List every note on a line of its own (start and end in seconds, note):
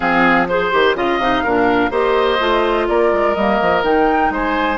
0.00 0.71 F3
0.00 0.48 C4
0.00 0.47 G#4
0.00 0.46 F5
0.47 0.71 G#4
0.47 0.95 C5
0.47 0.96 C5
0.71 0.95 D#3
0.71 0.95 G4
0.95 1.18 C#3
0.95 1.20 F4
0.95 1.43 D#5
0.95 1.91 F5
1.18 1.42 C3
1.18 1.45 D#4
1.43 1.90 A#2
1.43 1.90 D4
1.43 1.90 A#4
1.90 2.38 A#3
1.90 2.38 G4
1.90 2.86 C5
1.90 2.87 D#5
2.39 2.88 A3
2.39 3.35 F4
2.88 3.12 A#3
2.88 4.32 A#4
2.88 3.34 D5
3.12 3.35 G#3
3.34 3.60 G3
3.34 3.84 A#3
3.34 3.82 D#5
3.61 3.83 F3
3.83 4.30 D#3
3.83 4.77 D#4
3.83 4.32 G5
4.30 4.77 G#3
4.30 4.77 C5
4.30 4.77 G#5